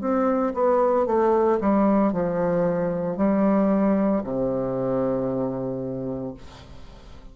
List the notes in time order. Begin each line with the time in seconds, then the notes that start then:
0.00 C4
0.54 B3
1.06 A3
1.60 G3
2.12 F3
3.17 G3
4.23 C3